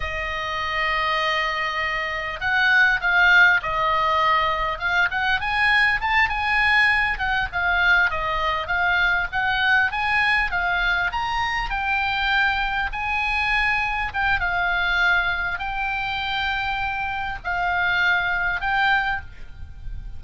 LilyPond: \new Staff \with { instrumentName = "oboe" } { \time 4/4 \tempo 4 = 100 dis''1 | fis''4 f''4 dis''2 | f''8 fis''8 gis''4 a''8 gis''4. | fis''8 f''4 dis''4 f''4 fis''8~ |
fis''8 gis''4 f''4 ais''4 g''8~ | g''4. gis''2 g''8 | f''2 g''2~ | g''4 f''2 g''4 | }